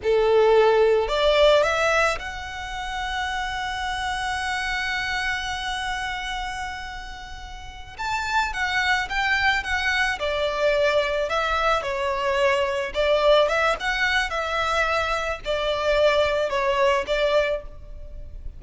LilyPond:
\new Staff \with { instrumentName = "violin" } { \time 4/4 \tempo 4 = 109 a'2 d''4 e''4 | fis''1~ | fis''1~ | fis''2~ fis''8 a''4 fis''8~ |
fis''8 g''4 fis''4 d''4.~ | d''8 e''4 cis''2 d''8~ | d''8 e''8 fis''4 e''2 | d''2 cis''4 d''4 | }